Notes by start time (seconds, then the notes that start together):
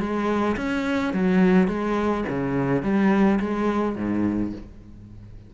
0.00 G#3
0.57 C#4
1.14 F#3
1.68 G#3
2.29 C#3
2.83 G3
3.40 G#3
3.96 G#2